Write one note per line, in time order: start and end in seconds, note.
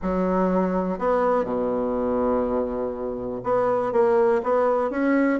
0.01 0.98 F#3
0.98 1.44 B3
1.44 3.41 B2
3.43 3.92 B3
3.92 4.41 A#3
4.43 4.90 B3
4.90 5.39 C#4